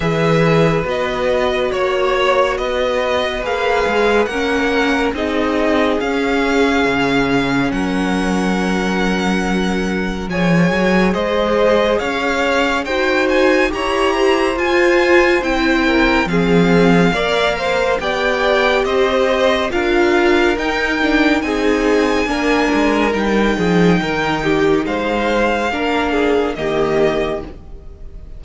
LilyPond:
<<
  \new Staff \with { instrumentName = "violin" } { \time 4/4 \tempo 4 = 70 e''4 dis''4 cis''4 dis''4 | f''4 fis''4 dis''4 f''4~ | f''4 fis''2. | gis''4 dis''4 f''4 g''8 gis''8 |
ais''4 gis''4 g''4 f''4~ | f''4 g''4 dis''4 f''4 | g''4 gis''2 g''4~ | g''4 f''2 dis''4 | }
  \new Staff \with { instrumentName = "violin" } { \time 4/4 b'2 cis''4 b'4~ | b'4 ais'4 gis'2~ | gis'4 ais'2. | cis''4 c''4 cis''4 c''4 |
cis''8 c''2 ais'8 gis'4 | d''8 c''8 d''4 c''4 ais'4~ | ais'4 gis'4 ais'4. gis'8 | ais'8 g'8 c''4 ais'8 gis'8 g'4 | }
  \new Staff \with { instrumentName = "viola" } { \time 4/4 gis'4 fis'2. | gis'4 cis'4 dis'4 cis'4~ | cis'1 | gis'2. fis'4 |
g'4 f'4 e'4 c'4 | ais'4 g'2 f'4 | dis'8 d'8 dis'4 d'4 dis'4~ | dis'2 d'4 ais4 | }
  \new Staff \with { instrumentName = "cello" } { \time 4/4 e4 b4 ais4 b4 | ais8 gis8 ais4 c'4 cis'4 | cis4 fis2. | f8 fis8 gis4 cis'4 dis'4 |
e'4 f'4 c'4 f4 | ais4 b4 c'4 d'4 | dis'4 c'4 ais8 gis8 g8 f8 | dis4 gis4 ais4 dis4 | }
>>